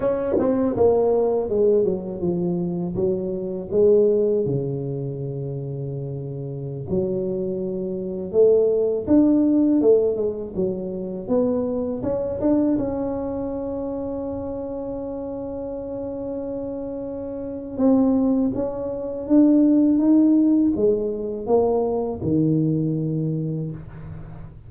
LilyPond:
\new Staff \with { instrumentName = "tuba" } { \time 4/4 \tempo 4 = 81 cis'8 c'8 ais4 gis8 fis8 f4 | fis4 gis4 cis2~ | cis4~ cis16 fis2 a8.~ | a16 d'4 a8 gis8 fis4 b8.~ |
b16 cis'8 d'8 cis'2~ cis'8.~ | cis'1 | c'4 cis'4 d'4 dis'4 | gis4 ais4 dis2 | }